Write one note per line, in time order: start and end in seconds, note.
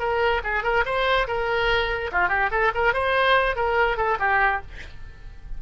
0.00 0.42 A#4
0.45 0.64 G#4
0.64 0.85 A#4
0.86 1.27 C5
1.28 2.11 A#4
2.12 2.29 F4
2.29 2.50 G4
2.51 2.72 A4
2.75 2.94 A#4
2.94 3.56 C5
3.56 3.97 A#4
3.97 4.18 A4
4.20 4.62 G4